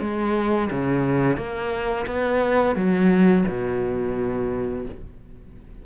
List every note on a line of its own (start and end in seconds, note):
0.00 0.69 G#3
0.71 1.37 C#3
1.37 2.06 A#3
2.06 2.75 B3
2.75 3.44 F#3
3.47 4.85 B2